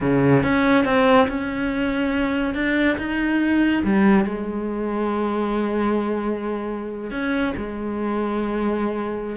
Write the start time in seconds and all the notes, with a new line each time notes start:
0.01 C#3
0.43 C#4
0.85 C4
1.28 C#4
2.54 D4
2.98 D#4
3.83 G3
4.24 G#3
7.10 C#4
7.56 G#3